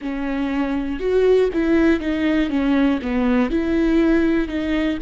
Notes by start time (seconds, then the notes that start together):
0.00 C#4
1.00 F#4
1.53 E4
2.00 D#4
2.49 C#4
3.02 B3
3.50 E4
4.47 D#4